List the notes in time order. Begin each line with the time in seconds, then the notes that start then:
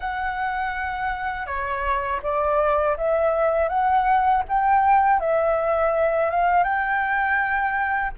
0.00 F#5
1.46 C#5
2.22 D5
2.97 E5
3.68 F#5
4.48 G5
5.20 E5
6.30 F5
6.63 G5